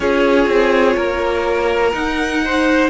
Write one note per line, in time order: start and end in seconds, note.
0.00 0.47 C#4
0.00 1.93 F4
0.00 0.96 G#4
0.00 1.92 C#5
0.47 0.95 C4
0.96 1.93 A#3
0.96 2.41 A#4
1.92 2.90 D#4
1.92 2.89 F#5
2.45 2.90 C5